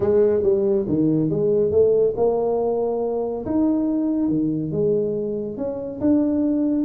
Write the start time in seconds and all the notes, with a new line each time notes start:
0.00 G#3
0.43 G3
0.87 D#3
1.30 G#3
1.71 A3
2.16 A#3
3.45 D#4
4.29 D#3
4.71 G#3
5.57 C#4
6.00 D4